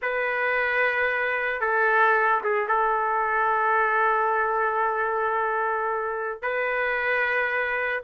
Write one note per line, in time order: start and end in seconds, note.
0.02 1.60 B4
1.60 2.41 A4
2.43 2.68 G#4
2.68 6.42 A4
6.42 8.02 B4